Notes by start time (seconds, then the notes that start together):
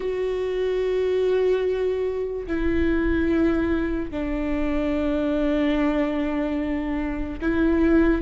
0.00 F#4
2.47 E4
4.11 D4
7.41 E4